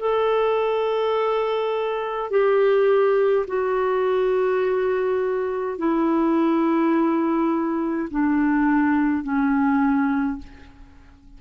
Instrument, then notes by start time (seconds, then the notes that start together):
clarinet
0.00 A4
2.31 G4
3.48 F#4
5.78 E4
8.11 D4
9.24 C#4